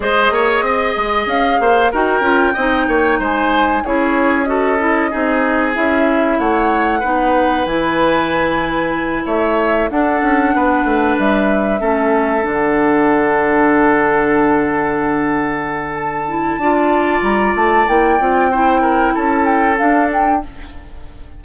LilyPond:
<<
  \new Staff \with { instrumentName = "flute" } { \time 4/4 \tempo 4 = 94 dis''2 f''4 g''4~ | g''4 gis''4 cis''4 dis''4~ | dis''4 e''4 fis''2 | gis''2~ gis''8 e''4 fis''8~ |
fis''4. e''2 fis''8~ | fis''1~ | fis''4 a''2 ais''8 a''8 | g''2 a''8 g''8 f''8 g''8 | }
  \new Staff \with { instrumentName = "oboe" } { \time 4/4 c''8 cis''8 dis''4. c''8 ais'4 | dis''8 cis''8 c''4 gis'4 a'4 | gis'2 cis''4 b'4~ | b'2~ b'8 cis''4 a'8~ |
a'8 b'2 a'4.~ | a'1~ | a'2 d''2~ | d''4 c''8 ais'8 a'2 | }
  \new Staff \with { instrumentName = "clarinet" } { \time 4/4 gis'2. fis'8 f'8 | dis'2 e'4 fis'8 e'8 | dis'4 e'2 dis'4 | e'2.~ e'8 d'8~ |
d'2~ d'8 cis'4 d'8~ | d'1~ | d'4. e'8 f'2 | e'8 f'8 e'2 d'4 | }
  \new Staff \with { instrumentName = "bassoon" } { \time 4/4 gis8 ais8 c'8 gis8 cis'8 ais8 dis'8 cis'8 | c'8 ais8 gis4 cis'2 | c'4 cis'4 a4 b4 | e2~ e8 a4 d'8 |
cis'8 b8 a8 g4 a4 d8~ | d1~ | d2 d'4 g8 a8 | ais8 c'4. cis'4 d'4 | }
>>